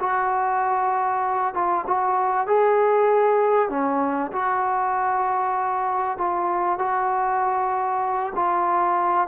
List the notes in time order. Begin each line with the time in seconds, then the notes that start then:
0.00 F#4
1.54 F4
1.87 F#4
2.47 G#4
3.70 C#4
4.32 F#4
6.18 F4
6.79 F#4
8.36 F4